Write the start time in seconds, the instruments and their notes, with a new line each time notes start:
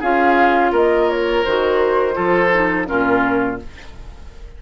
0.00 bassoon C#4, clarinet F4, oboe G#4, flute F5
0.72 bassoon A#3, oboe A#4, flute D#5
1.10 flute C#5
1.44 bassoon D#3, clarinet F#4, flute C5
2.13 bassoon F3, clarinet F4, oboe A4
2.53 clarinet D#4
2.86 bassoon A#2, clarinet C#4, oboe F4, flute A#4